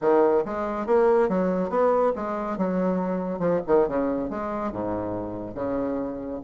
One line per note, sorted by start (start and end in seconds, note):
0.01 0.44 D#3
0.45 0.86 G#3
0.86 1.28 A#3
1.28 1.69 F#3
1.69 2.12 B3
2.15 2.57 G#3
2.57 3.39 F#3
3.39 3.60 F3
3.66 3.87 D#3
3.87 4.30 C#3
4.30 4.72 G#3
4.72 5.55 G#2
5.55 6.40 C#3